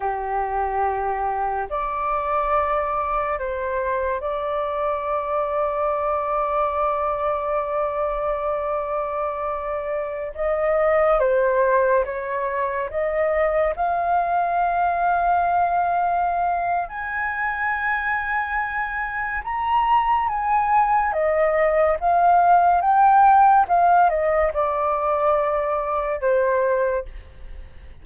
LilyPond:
\new Staff \with { instrumentName = "flute" } { \time 4/4 \tempo 4 = 71 g'2 d''2 | c''4 d''2.~ | d''1~ | d''16 dis''4 c''4 cis''4 dis''8.~ |
dis''16 f''2.~ f''8. | gis''2. ais''4 | gis''4 dis''4 f''4 g''4 | f''8 dis''8 d''2 c''4 | }